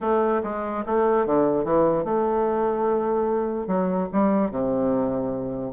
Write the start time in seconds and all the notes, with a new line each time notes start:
0.01 A3
0.43 G#3
0.86 A3
1.26 D3
1.64 E3
2.04 A3
3.67 F#3
4.12 G3
4.51 C3